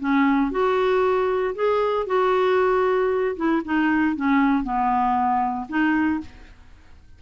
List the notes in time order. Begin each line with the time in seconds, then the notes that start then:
0.00 C#4
0.52 F#4
1.56 G#4
2.07 F#4
3.37 E4
3.65 D#4
4.17 C#4
4.64 B3
5.69 D#4